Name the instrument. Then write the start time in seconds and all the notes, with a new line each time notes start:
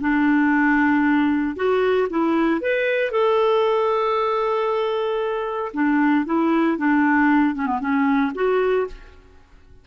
clarinet
0.00 D4
1.56 F#4
2.09 E4
2.60 B4
3.11 A4
5.73 D4
6.25 E4
6.77 D4
7.54 C#4
7.66 B3
7.80 C#4
8.35 F#4